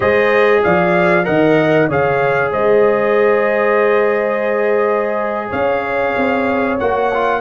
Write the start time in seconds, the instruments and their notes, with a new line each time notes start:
0.00 tuba G#3, trombone G#4, horn C5, trumpet D#5
0.63 tuba F3, horn D5, trumpet F5
1.24 tuba D#3, trombone A#4, horn D#5, trumpet F#5
1.89 tuba C#3, trombone G#4, horn C#5, trumpet F5
2.51 tuba G#3, horn C5, trumpet D#5
5.50 tuba C#4, horn C#5, trumpet F5
6.17 tuba C4
6.79 tuba A#3, trombone F#4, trumpet F#5
7.14 trombone F4